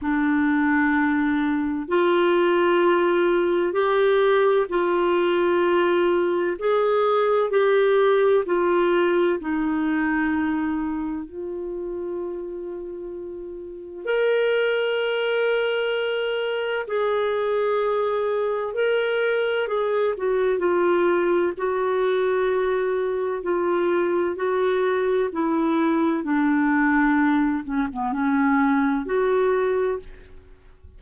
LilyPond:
\new Staff \with { instrumentName = "clarinet" } { \time 4/4 \tempo 4 = 64 d'2 f'2 | g'4 f'2 gis'4 | g'4 f'4 dis'2 | f'2. ais'4~ |
ais'2 gis'2 | ais'4 gis'8 fis'8 f'4 fis'4~ | fis'4 f'4 fis'4 e'4 | d'4. cis'16 b16 cis'4 fis'4 | }